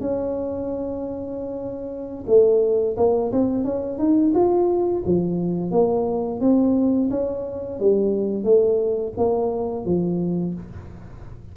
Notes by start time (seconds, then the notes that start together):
0.00 C#4
2.27 A3
2.97 A#3
3.31 C4
3.64 C#4
3.98 D#4
4.34 F4
5.05 F3
5.71 A#3
6.40 C4
7.10 C#4
7.79 G3
8.43 A3
9.17 A#3
9.85 F3